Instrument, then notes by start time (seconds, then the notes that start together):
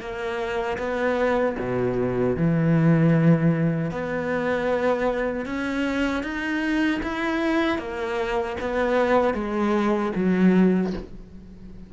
cello
0.00 A#3
0.78 B3
1.59 B2
2.36 E3
3.91 B3
5.46 C#4
6.23 D#4
7.03 E4
7.79 A#3
8.60 B3
9.34 G#3
10.15 F#3